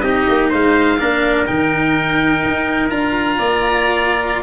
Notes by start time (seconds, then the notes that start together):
0.00 C4 D#4 G4 D#5
0.28 A#3
0.49 G#3 C5 F5
0.99 A#3 D4 A#4
1.46 D#3 D#4 G5
2.44 D#4
2.89 D4 F4 A#5
3.38 A#3 D5